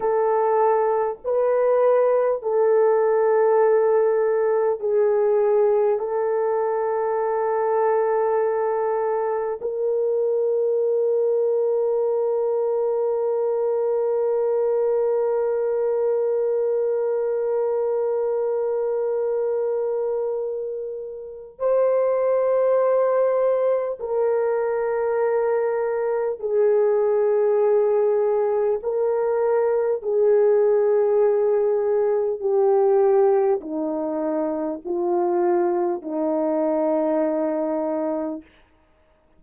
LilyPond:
\new Staff \with { instrumentName = "horn" } { \time 4/4 \tempo 4 = 50 a'4 b'4 a'2 | gis'4 a'2. | ais'1~ | ais'1~ |
ais'2 c''2 | ais'2 gis'2 | ais'4 gis'2 g'4 | dis'4 f'4 dis'2 | }